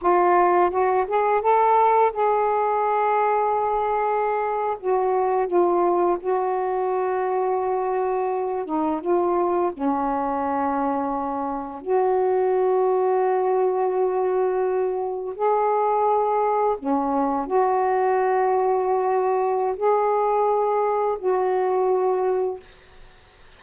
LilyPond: \new Staff \with { instrumentName = "saxophone" } { \time 4/4 \tempo 4 = 85 f'4 fis'8 gis'8 a'4 gis'4~ | gis'2~ gis'8. fis'4 f'16~ | f'8. fis'2.~ fis'16~ | fis'16 dis'8 f'4 cis'2~ cis'16~ |
cis'8. fis'2.~ fis'16~ | fis'4.~ fis'16 gis'2 cis'16~ | cis'8. fis'2.~ fis'16 | gis'2 fis'2 | }